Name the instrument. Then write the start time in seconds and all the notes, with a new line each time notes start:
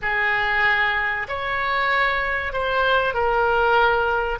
oboe
0.02 G#4
1.28 C#5
2.53 C5
3.13 A#4